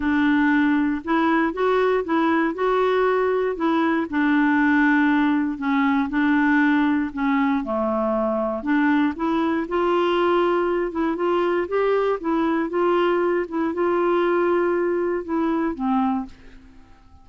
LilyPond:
\new Staff \with { instrumentName = "clarinet" } { \time 4/4 \tempo 4 = 118 d'2 e'4 fis'4 | e'4 fis'2 e'4 | d'2. cis'4 | d'2 cis'4 a4~ |
a4 d'4 e'4 f'4~ | f'4. e'8 f'4 g'4 | e'4 f'4. e'8 f'4~ | f'2 e'4 c'4 | }